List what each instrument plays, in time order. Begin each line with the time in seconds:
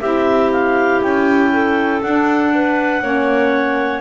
0.00 double bass C4, saxophone E4, clarinet G4 E5
0.51 clarinet F5
1.01 double bass C#4, clarinet G5
1.52 clarinet A4
2.02 double bass D4, saxophone D4, clarinet F#5
2.54 clarinet B4
3.01 double bass A#3, saxophone C#4, clarinet C#5